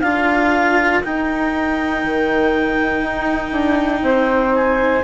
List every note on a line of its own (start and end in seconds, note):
0.00 1.01 D4
0.00 1.03 F4
0.00 4.04 A#4
0.00 1.00 F5
1.03 5.03 D#4
1.03 2.03 D#4
1.03 4.54 G5
2.03 3.02 D#3
3.02 3.51 D#4
3.51 4.01 D4
4.01 5.01 C4
4.01 5.03 C5
4.54 5.03 G#5